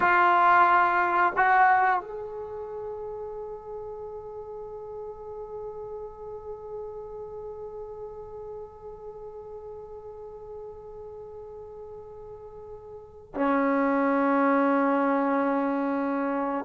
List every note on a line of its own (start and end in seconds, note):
0.00 1.33 F4
1.36 2.00 F#4
2.00 13.34 G#4
13.34 16.65 C#4